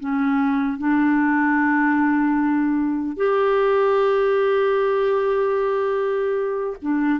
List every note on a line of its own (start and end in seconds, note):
0.00 0.78 C#4
0.78 3.17 D4
3.17 6.77 G4
6.82 7.20 D4